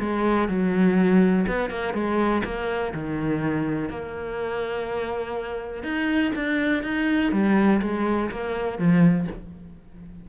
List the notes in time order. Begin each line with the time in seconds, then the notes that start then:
0.00 G#3
0.49 F#3
1.48 B3
1.71 A#3
1.94 G#3
2.45 A#3
2.94 D#3
3.90 A#3
5.84 D#4
6.35 D4
6.84 D#4
7.32 G3
7.82 G#3
8.31 A#3
8.79 F3